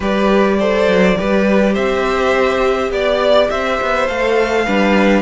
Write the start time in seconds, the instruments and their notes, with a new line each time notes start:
0.00 cello G3, viola G4, violin B4 D5
0.59 viola A4, violin C5
0.87 cello F#3
1.17 cello G3, viola G4, violin B4
1.73 cello C4, violin C5 E5
2.91 cello B3, violin D5
3.50 cello C4, violin C5 E5
3.81 cello B3
4.07 cello A3, viola A4, violin F5
4.65 cello G3, viola D4, violin B4